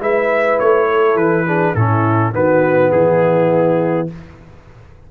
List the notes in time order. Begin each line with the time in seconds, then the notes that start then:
0.00 G#3 E4 B4 E5
0.60 A3 C#5
0.89 A4
1.15 E3 B4
1.46 D4 G#4
1.75 A2 C#4 E4 A4
2.33 D#3 B3 F#4 B4
2.92 E3 E4 G#4